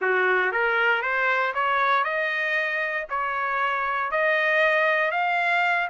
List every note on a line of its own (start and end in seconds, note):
0.01 0.52 F#4
0.52 1.01 A#4
1.01 1.53 C5
1.54 2.04 C#5
2.04 3.06 D#5
3.09 4.11 C#5
4.11 5.11 D#5
5.11 5.88 F5